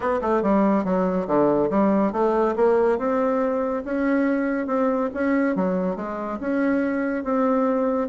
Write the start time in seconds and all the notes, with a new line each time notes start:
0.00 B3
0.21 A3
0.42 G3
0.84 F#3
1.27 D3
1.69 G3
2.12 A3
2.56 A#3
2.98 C4
3.84 C#4
4.67 C4
5.14 C#4
5.55 F#3
5.96 G#3
6.40 C#4
7.23 C4